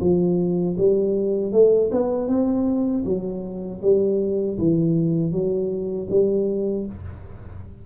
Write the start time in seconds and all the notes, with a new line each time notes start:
0.00 F3
0.77 G3
1.52 A3
1.91 B3
2.28 C4
3.04 F#3
3.81 G3
4.58 E3
5.32 F#3
6.10 G3